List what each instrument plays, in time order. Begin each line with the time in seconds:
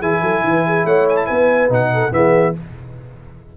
0.00 tuba E3, trombone E4, horn G#4, trumpet G#5
0.22 tuba F#3, horn A4
0.44 tuba E3, horn B4
0.67 horn G#4
0.85 tuba A3, horn C#5, trumpet F#5
1.09 trumpet G#5
1.17 trumpet A5
1.26 tuba B3, horn B4, trumpet G#5
1.69 tuba B2, trombone D#4, trumpet F#5
1.94 horn A4
2.11 tuba E3, trombone B3, horn G#4, trumpet E5